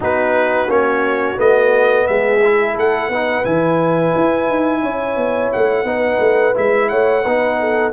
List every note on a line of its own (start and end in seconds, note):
0.00 0.68 B3
0.00 0.68 D#4
0.00 2.05 F#4
0.00 0.70 B4
0.68 1.37 A#3
0.68 1.36 C#4
0.68 1.39 C#5
1.36 2.07 A3
1.36 2.39 B3
1.36 2.07 D#5
2.07 2.75 G#3
2.07 2.74 G#4
2.07 2.76 E5
2.44 3.11 E4
2.74 3.08 A3
2.74 3.08 A4
2.74 3.44 F#5
3.08 3.43 B3
3.08 3.44 D#4
3.08 4.81 B4
3.44 4.14 E3
3.44 5.85 E4
3.44 5.51 G#5
4.15 4.49 E4
4.49 4.83 D#4
4.82 5.16 C#4
4.82 5.85 C#5
5.16 5.50 B3
5.52 5.84 A3
5.52 6.55 F#5
5.84 6.18 B3
5.84 6.54 D#4
5.84 6.89 B4
6.19 6.53 A3
6.54 6.92 G#3
6.54 7.23 E4
6.54 6.88 E5
6.88 7.25 A3
6.88 7.22 C#5
6.88 7.92 F#5
7.22 7.92 B3
7.22 7.92 D#4
7.22 7.57 B4
7.59 7.92 A4